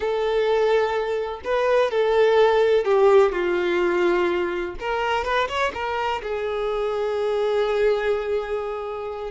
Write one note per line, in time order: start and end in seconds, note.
0.00 1.40 A4
1.44 1.90 B4
1.90 2.84 A4
2.84 3.32 G4
3.32 4.75 F4
4.80 5.24 A#4
5.24 5.48 B4
5.48 5.72 C#5
5.74 6.21 A#4
6.22 9.31 G#4